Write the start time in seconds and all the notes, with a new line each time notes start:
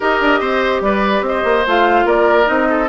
0.00 D#4 G4 A#4 D#5
0.20 D4
0.39 C4 C5
0.81 G3 B4 D5
1.21 C4 D#5
1.28 C5
1.44 A#3
1.66 A3 F4 F5
2.04 A#3 A#4 D5
2.44 C4 D#4 D#5
2.69 A4